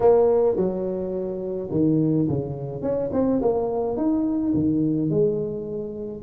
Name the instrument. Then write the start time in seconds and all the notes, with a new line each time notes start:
tuba
0.00 A#3
0.56 F#3
1.71 D#3
2.28 C#3
2.81 C#4
3.12 C4
3.41 A#3
3.96 D#4
4.54 D#3
5.10 G#3